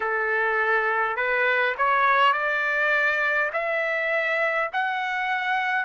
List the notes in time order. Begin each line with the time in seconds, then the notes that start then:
0.00 A4
1.16 B4
1.77 C#5
2.33 D5
3.52 E5
4.72 F#5